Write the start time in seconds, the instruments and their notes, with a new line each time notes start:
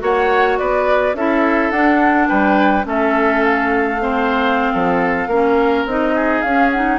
0.00 bassoon A#3, clarinet F#4, oboe C#5, flute F#5
0.58 bassoon B3, oboe B4, flute D5
1.14 bassoon C#4, clarinet E4, oboe A4, flute E5
1.71 bassoon D4, clarinet D4, flute F#5
2.29 bassoon G3, oboe B4, flute G5
2.84 bassoon A3, clarinet C#4, oboe A4
2.90 flute E5
3.44 flute F5
4.01 clarinet C4, oboe C5
4.73 bassoon F3, oboe A4
5.27 bassoon A#3, clarinet C#4, oboe A#4
5.85 bassoon C4, clarinet D#4, flute D#5
6.15 oboe G#4
6.42 bassoon C#4, clarinet C#4, flute F5
6.71 clarinet D#4, flute F#5